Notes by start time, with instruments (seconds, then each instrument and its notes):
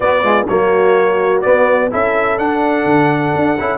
0.00 tuba B3, trombone B3, horn F#4, trumpet D5
0.23 trombone G#3, horn F4
0.47 tuba F#3, trombone A#3, horn F#4, trumpet C#5
1.41 trombone B3, tuba B3, trumpet D5
1.90 tuba C#4, trombone E4, horn A4, trumpet E5
2.37 tuba D4, trombone D4, trumpet F#5
2.84 tuba D3
3.35 tuba D4
3.59 tuba C#4, trombone E4